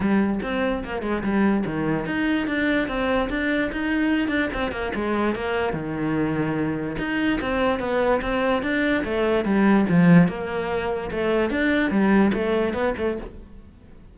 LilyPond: \new Staff \with { instrumentName = "cello" } { \time 4/4 \tempo 4 = 146 g4 c'4 ais8 gis8 g4 | dis4 dis'4 d'4 c'4 | d'4 dis'4. d'8 c'8 ais8 | gis4 ais4 dis2~ |
dis4 dis'4 c'4 b4 | c'4 d'4 a4 g4 | f4 ais2 a4 | d'4 g4 a4 b8 a8 | }